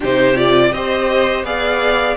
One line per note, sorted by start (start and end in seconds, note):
0.00 0.72 C3
0.00 0.35 D#4
0.00 0.72 G4
0.00 0.36 C5
0.35 0.72 F4
0.35 0.72 D5
0.72 1.43 C4
0.72 1.45 G4
0.72 1.45 C5
0.72 1.44 D#5
1.43 2.15 B3
1.43 2.17 G#4
1.43 2.17 D5
1.43 2.17 F5